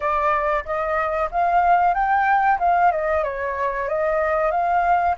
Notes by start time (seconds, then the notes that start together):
0.00 D5
0.65 D#5
1.31 F5
1.94 G5
2.59 F5
2.91 D#5
3.23 C#5
3.88 D#5
4.51 F5